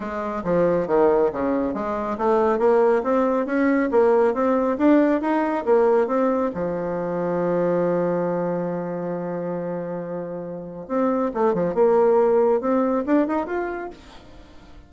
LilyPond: \new Staff \with { instrumentName = "bassoon" } { \time 4/4 \tempo 4 = 138 gis4 f4 dis4 cis4 | gis4 a4 ais4 c'4 | cis'4 ais4 c'4 d'4 | dis'4 ais4 c'4 f4~ |
f1~ | f1~ | f4 c'4 a8 f8 ais4~ | ais4 c'4 d'8 dis'8 f'4 | }